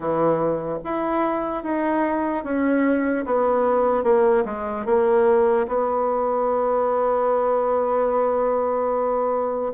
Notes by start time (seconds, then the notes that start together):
0.00 E3
0.84 E4
1.63 D#4
2.44 C#4
3.25 B3
4.03 A#3
4.45 G#3
4.85 A#3
5.67 B3